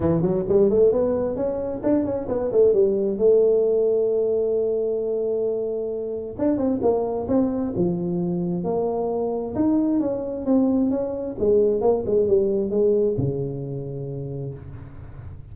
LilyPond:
\new Staff \with { instrumentName = "tuba" } { \time 4/4 \tempo 4 = 132 e8 fis8 g8 a8 b4 cis'4 | d'8 cis'8 b8 a8 g4 a4~ | a1~ | a2 d'8 c'8 ais4 |
c'4 f2 ais4~ | ais4 dis'4 cis'4 c'4 | cis'4 gis4 ais8 gis8 g4 | gis4 cis2. | }